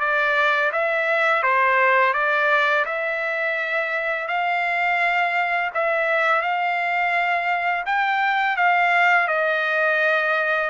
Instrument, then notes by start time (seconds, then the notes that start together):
trumpet
0.00 D5
0.72 E5
1.43 C5
2.14 D5
2.85 E5
4.28 F5
5.74 E5
6.42 F5
7.86 G5
8.56 F5
9.28 D#5